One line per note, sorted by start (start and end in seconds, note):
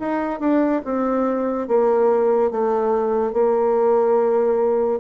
0.00 0.40 D#4
0.40 0.82 D4
0.85 1.68 C4
1.68 2.52 A#3
2.52 3.33 A3
3.33 5.00 A#3